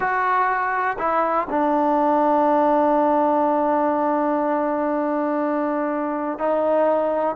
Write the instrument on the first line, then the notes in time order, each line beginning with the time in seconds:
trombone
0.00 F#4
0.98 E4
1.50 D4
6.38 D#4